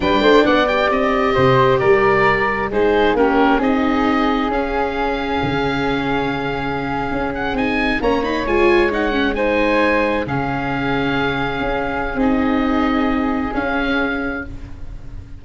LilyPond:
<<
  \new Staff \with { instrumentName = "oboe" } { \time 4/4 \tempo 4 = 133 g''4 fis''8 g''8 dis''2 | d''2 c''4 ais'4 | dis''2 f''2~ | f''1~ |
f''16 fis''8 gis''4 ais''8 b''8 gis''4 fis''16~ | fis''8. gis''2 f''4~ f''16~ | f''2. dis''4~ | dis''2 f''2 | }
  \new Staff \with { instrumentName = "flute" } { \time 4/4 b'8 c''8 d''2 c''4 | ais'2 gis'4 g'4 | gis'1~ | gis'1~ |
gis'4.~ gis'16 cis''2~ cis''16~ | cis''8. c''2 gis'4~ gis'16~ | gis'1~ | gis'1 | }
  \new Staff \with { instrumentName = "viola" } { \time 4/4 d'4. g'2~ g'8~ | g'2 dis'4 cis'4 | dis'2 cis'2~ | cis'1~ |
cis'8. dis'4 cis'8 dis'8 f'4 dis'16~ | dis'16 cis'8 dis'2 cis'4~ cis'16~ | cis'2. dis'4~ | dis'2 cis'2 | }
  \new Staff \with { instrumentName = "tuba" } { \time 4/4 g8 a8 b4 c'4 c4 | g2 gis4 ais4 | c'2 cis'2 | cis2.~ cis8. cis'16~ |
cis'8. c'4 ais4 gis4~ gis16~ | gis2~ gis8. cis4~ cis16~ | cis4.~ cis16 cis'4~ cis'16 c'4~ | c'2 cis'2 | }
>>